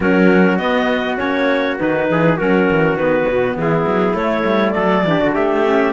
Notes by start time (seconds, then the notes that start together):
0.00 F#3 C#4 F#4 A#4
0.57 B3 D#5
1.17 A#3 C#4 C#5
1.78 D#3 D#4 B4
2.10 E3 G#4
2.37 F#3 C#4 F#4 A#4
2.70 E3
2.94 D#3 B3 B4
3.28 B2
3.56 E3 E4 G#4
3.86 F#3
4.13 A3 C#5
4.44 G3
4.71 F#3 A4 D5
5.04 E3 D4 G4
5.19 D3 F#4
5.34 A3 G4 E5
5.64 C#4